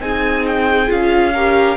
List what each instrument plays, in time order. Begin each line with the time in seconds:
0.00 cello C4, viola D#4, violin G#4 G#5
0.47 violin G5
0.87 cello C#4, viola F4, violin F5
1.34 viola G4, violin A#4